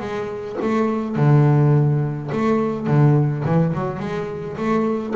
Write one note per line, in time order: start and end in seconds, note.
0.00 0.57 G#3
0.62 1.16 A3
1.16 2.30 D3
2.32 2.87 A3
2.87 3.44 D3
3.45 3.74 E3
3.75 4.00 F#3
4.00 4.57 G#3
4.57 5.15 A3